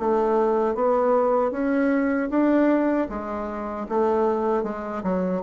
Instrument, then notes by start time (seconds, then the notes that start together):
bassoon
0.00 A3
0.75 B3
1.52 C#4
2.31 D4
3.10 G#3
3.90 A3
4.64 G#3
5.04 F#3